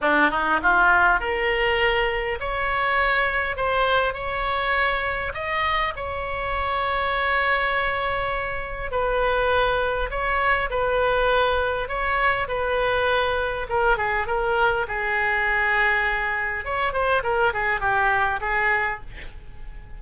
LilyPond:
\new Staff \with { instrumentName = "oboe" } { \time 4/4 \tempo 4 = 101 d'8 dis'8 f'4 ais'2 | cis''2 c''4 cis''4~ | cis''4 dis''4 cis''2~ | cis''2. b'4~ |
b'4 cis''4 b'2 | cis''4 b'2 ais'8 gis'8 | ais'4 gis'2. | cis''8 c''8 ais'8 gis'8 g'4 gis'4 | }